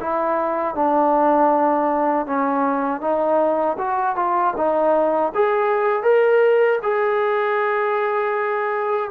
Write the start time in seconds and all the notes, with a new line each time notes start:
0.00 E4
0.75 D4
2.26 C#4
3.00 D#4
3.78 F#4
4.16 F4
4.56 D#4
5.34 G#4
6.02 A#4
6.82 G#4